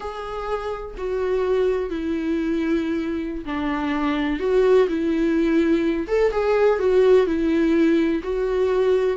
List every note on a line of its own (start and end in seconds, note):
0.00 0.95 G#4
0.97 1.90 F#4
1.90 3.44 E4
3.45 4.39 D4
4.39 4.87 F#4
4.88 6.07 E4
6.07 6.31 A4
6.31 6.79 G#4
6.79 7.26 F#4
7.26 8.21 E4
8.23 9.17 F#4